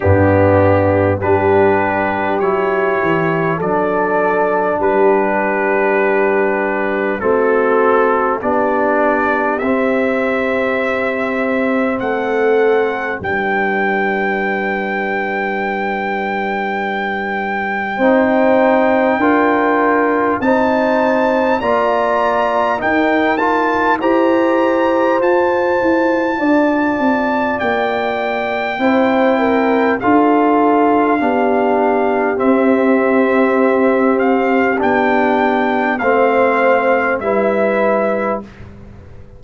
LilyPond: <<
  \new Staff \with { instrumentName = "trumpet" } { \time 4/4 \tempo 4 = 50 g'4 b'4 cis''4 d''4 | b'2 a'4 d''4 | e''2 fis''4 g''4~ | g''1~ |
g''4 a''4 ais''4 g''8 a''8 | ais''4 a''2 g''4~ | g''4 f''2 e''4~ | e''8 f''8 g''4 f''4 e''4 | }
  \new Staff \with { instrumentName = "horn" } { \time 4/4 d'4 g'2 a'4 | g'2 fis'4 g'4~ | g'2 a'4 b'4~ | b'2. c''4 |
ais'4 c''4 d''4 ais'4 | c''2 d''2 | c''8 ais'8 a'4 g'2~ | g'2 c''4 b'4 | }
  \new Staff \with { instrumentName = "trombone" } { \time 4/4 b4 d'4 e'4 d'4~ | d'2 c'4 d'4 | c'2. d'4~ | d'2. dis'4 |
f'4 dis'4 f'4 dis'8 f'8 | g'4 f'2. | e'4 f'4 d'4 c'4~ | c'4 d'4 c'4 e'4 | }
  \new Staff \with { instrumentName = "tuba" } { \time 4/4 g,4 g4 fis8 e8 fis4 | g2 a4 b4 | c'2 a4 g4~ | g2. c'4 |
d'4 c'4 ais4 dis'4 | e'4 f'8 e'8 d'8 c'8 ais4 | c'4 d'4 b4 c'4~ | c'4 b4 a4 g4 | }
>>